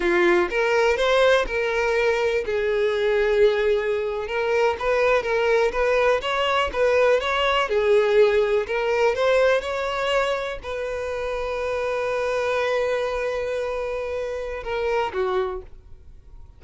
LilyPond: \new Staff \with { instrumentName = "violin" } { \time 4/4 \tempo 4 = 123 f'4 ais'4 c''4 ais'4~ | ais'4 gis'2.~ | gis'8. ais'4 b'4 ais'4 b'16~ | b'8. cis''4 b'4 cis''4 gis'16~ |
gis'4.~ gis'16 ais'4 c''4 cis''16~ | cis''4.~ cis''16 b'2~ b'16~ | b'1~ | b'2 ais'4 fis'4 | }